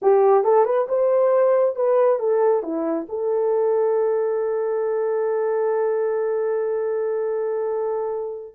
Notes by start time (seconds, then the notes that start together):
0.02 G4
0.44 A4
0.65 B4
0.88 C5
1.75 B4
2.19 A4
2.62 E4
3.08 A4